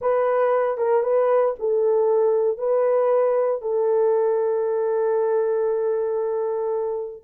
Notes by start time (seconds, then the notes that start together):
0.01 B4
0.77 A#4
1.03 B4
1.59 A4
2.58 B4
3.61 A4